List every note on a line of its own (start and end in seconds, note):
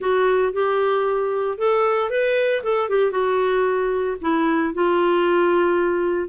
0.00 0.52 F#4
0.52 1.57 G4
1.57 2.10 A4
2.10 2.62 B4
2.63 2.89 A4
2.89 3.11 G4
3.11 4.16 F#4
4.21 4.73 E4
4.73 6.28 F4